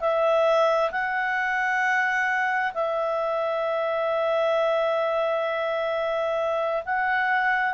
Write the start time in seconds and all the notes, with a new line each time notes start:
0.00 E5
0.91 F#5
2.74 E5
6.86 F#5